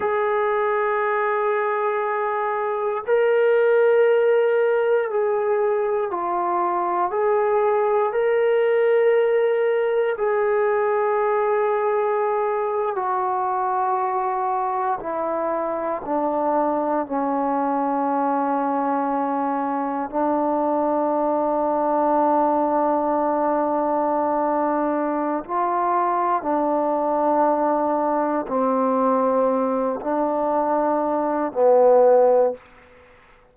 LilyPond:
\new Staff \with { instrumentName = "trombone" } { \time 4/4 \tempo 4 = 59 gis'2. ais'4~ | ais'4 gis'4 f'4 gis'4 | ais'2 gis'2~ | gis'8. fis'2 e'4 d'16~ |
d'8. cis'2. d'16~ | d'1~ | d'4 f'4 d'2 | c'4. d'4. b4 | }